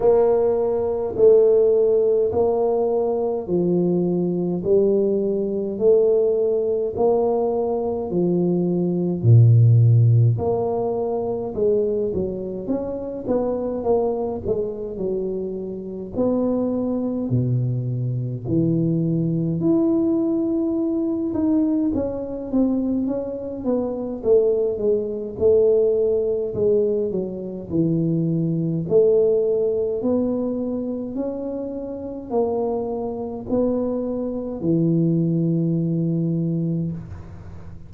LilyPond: \new Staff \with { instrumentName = "tuba" } { \time 4/4 \tempo 4 = 52 ais4 a4 ais4 f4 | g4 a4 ais4 f4 | ais,4 ais4 gis8 fis8 cis'8 b8 | ais8 gis8 fis4 b4 b,4 |
e4 e'4. dis'8 cis'8 c'8 | cis'8 b8 a8 gis8 a4 gis8 fis8 | e4 a4 b4 cis'4 | ais4 b4 e2 | }